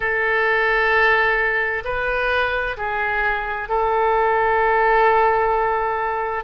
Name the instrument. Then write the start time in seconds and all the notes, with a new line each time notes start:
oboe
0.00 A4
1.84 B4
2.77 G#4
3.68 A4